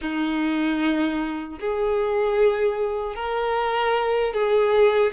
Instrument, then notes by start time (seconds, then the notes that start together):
violin
0.01 D#4
1.59 G#4
3.15 A#4
4.33 G#4